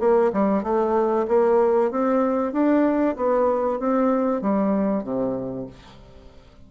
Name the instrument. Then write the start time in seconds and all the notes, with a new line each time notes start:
bassoon
0.00 A#3
0.33 G3
0.63 A3
1.28 A#3
1.91 C4
2.53 D4
3.17 B3
3.80 C4
4.42 G3
5.04 C3